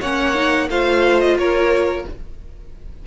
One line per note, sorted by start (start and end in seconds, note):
0.00 0.69 A#3
0.00 0.35 C#4
0.00 0.68 C#5
0.00 0.70 F#5
0.35 0.69 D#4
0.69 1.37 A3
0.69 2.07 F4
0.69 1.38 C5
0.69 1.20 F5
1.20 1.37 D#5
1.37 2.05 A#3
1.37 2.07 A#4
1.37 2.06 C#5